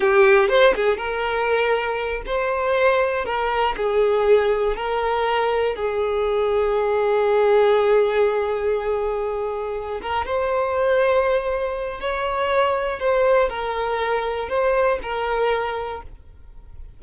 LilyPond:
\new Staff \with { instrumentName = "violin" } { \time 4/4 \tempo 4 = 120 g'4 c''8 gis'8 ais'2~ | ais'8 c''2 ais'4 gis'8~ | gis'4. ais'2 gis'8~ | gis'1~ |
gis'1 | ais'8 c''2.~ c''8 | cis''2 c''4 ais'4~ | ais'4 c''4 ais'2 | }